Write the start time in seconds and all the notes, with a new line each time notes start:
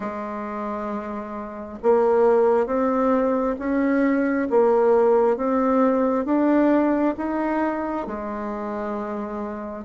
0.00 G#3
1.82 A#3
2.66 C4
3.58 C#4
4.50 A#3
5.36 C4
6.25 D4
7.17 D#4
8.06 G#3